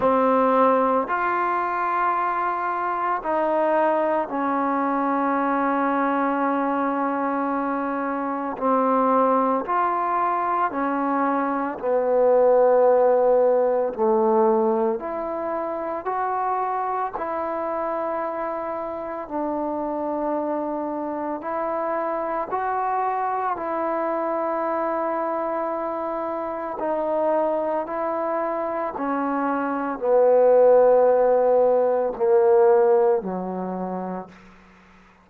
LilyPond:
\new Staff \with { instrumentName = "trombone" } { \time 4/4 \tempo 4 = 56 c'4 f'2 dis'4 | cis'1 | c'4 f'4 cis'4 b4~ | b4 a4 e'4 fis'4 |
e'2 d'2 | e'4 fis'4 e'2~ | e'4 dis'4 e'4 cis'4 | b2 ais4 fis4 | }